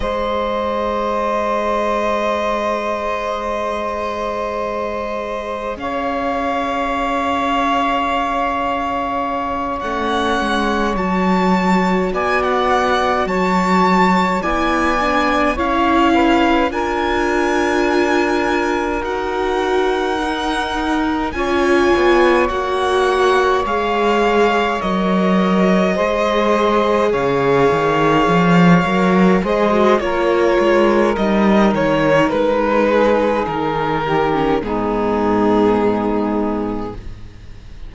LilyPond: <<
  \new Staff \with { instrumentName = "violin" } { \time 4/4 \tempo 4 = 52 dis''1~ | dis''4 f''2.~ | f''8 fis''4 a''4 gis''16 fis''8. a''8~ | a''8 gis''4 f''4 gis''4.~ |
gis''8 fis''2 gis''4 fis''8~ | fis''8 f''4 dis''2 f''8~ | f''4. dis''8 cis''4 dis''8 cis''8 | b'4 ais'4 gis'2 | }
  \new Staff \with { instrumentName = "saxophone" } { \time 4/4 c''1~ | c''4 cis''2.~ | cis''2~ cis''8 d''4 cis''8~ | cis''8 d''4 cis''8 b'8 ais'4.~ |
ais'2~ ais'8 cis''4.~ | cis''2~ cis''8 c''4 cis''8~ | cis''4. c''8 ais'2~ | ais'8 gis'4 g'8 dis'2 | }
  \new Staff \with { instrumentName = "viola" } { \time 4/4 gis'1~ | gis'1~ | gis'8 cis'4 fis'2~ fis'8~ | fis'8 e'8 d'8 e'4 f'4.~ |
f'8 fis'4 dis'4 f'4 fis'8~ | fis'8 gis'4 ais'4 gis'4.~ | gis'4 ais'8 gis'16 fis'16 f'4 dis'4~ | dis'4.~ dis'16 cis'16 b2 | }
  \new Staff \with { instrumentName = "cello" } { \time 4/4 gis1~ | gis4 cis'2.~ | cis'8 a8 gis8 fis4 b4 fis8~ | fis8 b4 cis'4 d'4.~ |
d'8 dis'2 cis'8 b8 ais8~ | ais8 gis4 fis4 gis4 cis8 | dis8 f8 fis8 gis8 ais8 gis8 g8 dis8 | gis4 dis4 gis,2 | }
>>